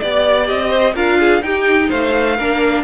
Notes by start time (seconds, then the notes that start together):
0.00 B3 G4 D5
0.47 C4 D#5
0.70 C5
0.95 D4 F4 A#4 F5
1.19 G#4
1.42 D#4 G4 G5
1.89 A3 C5 F5
2.36 A#3 D4 A#4